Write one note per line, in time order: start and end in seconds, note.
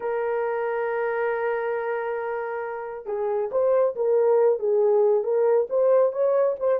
0.00 3.06 A#4
3.06 3.50 G#4
3.51 3.95 C5
3.95 4.59 A#4
4.59 5.23 G#4
5.23 5.67 A#4
5.69 6.12 C5
6.12 6.56 C#5
6.59 6.79 C5